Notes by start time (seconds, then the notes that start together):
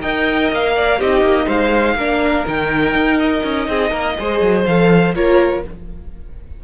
0.00 D#4 A#4 D#5 G5
0.52 A#3 F5
0.75 D5
0.98 C4 D#4 G4 D#5
1.21 A#3
1.46 G#3 C5 F5
1.95 A#3 D4 A#4
2.45 D#3 D#4 G5
2.94 D#4
3.18 D#5
3.43 C#4
3.67 C4 G#4
3.90 A#3 A#4
4.18 G#3 G#4 C5
4.41 F#3
4.65 F3 A4 F5
5.14 A#3 F4 A#4 C#5